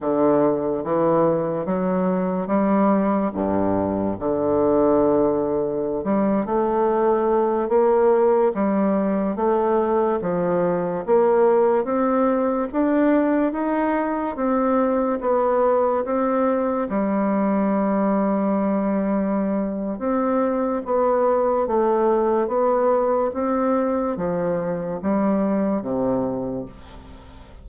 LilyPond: \new Staff \with { instrumentName = "bassoon" } { \time 4/4 \tempo 4 = 72 d4 e4 fis4 g4 | g,4 d2~ d16 g8 a16~ | a4~ a16 ais4 g4 a8.~ | a16 f4 ais4 c'4 d'8.~ |
d'16 dis'4 c'4 b4 c'8.~ | c'16 g2.~ g8. | c'4 b4 a4 b4 | c'4 f4 g4 c4 | }